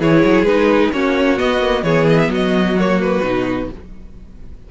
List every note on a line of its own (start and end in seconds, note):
0.00 0.23 E3
0.00 0.46 E4
0.00 0.92 G#4
0.00 0.45 C#5
0.25 0.42 F#3
0.42 0.88 G#3
0.42 0.92 D#4
0.42 0.91 B4
0.92 1.39 A#3
0.92 1.37 C#4
0.92 1.84 F#4
0.92 1.38 C#5
1.37 1.60 B3
1.37 1.83 B3
1.37 1.83 D#5
1.62 1.85 A#3
1.83 2.28 E3
1.83 2.77 B3
1.83 2.30 G#4
1.83 2.06 C#5
2.09 2.19 D#5
2.19 2.31 E5
2.28 3.21 F#3
2.28 3.71 F#4
2.28 2.79 D#5
2.79 3.23 A#3
2.79 3.01 C#5
3.01 3.70 B4
3.23 3.69 B2
3.23 3.69 D#4